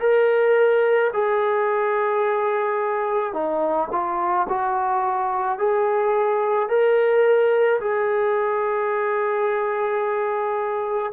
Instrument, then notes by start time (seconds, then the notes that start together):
trombone
0.00 A#4
1.14 G#4
3.33 D#4
3.92 F4
4.49 F#4
5.59 G#4
6.69 A#4
7.80 G#4